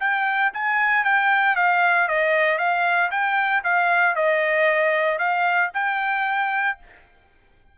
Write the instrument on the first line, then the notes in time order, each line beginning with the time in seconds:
trumpet
0.00 G5
0.53 G#5
1.04 G5
1.56 F5
2.08 D#5
2.58 F5
3.11 G5
3.64 F5
4.15 D#5
5.19 F5
5.74 G5